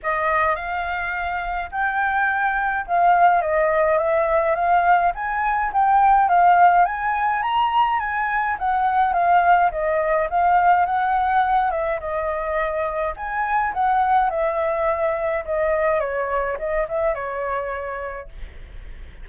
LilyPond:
\new Staff \with { instrumentName = "flute" } { \time 4/4 \tempo 4 = 105 dis''4 f''2 g''4~ | g''4 f''4 dis''4 e''4 | f''4 gis''4 g''4 f''4 | gis''4 ais''4 gis''4 fis''4 |
f''4 dis''4 f''4 fis''4~ | fis''8 e''8 dis''2 gis''4 | fis''4 e''2 dis''4 | cis''4 dis''8 e''8 cis''2 | }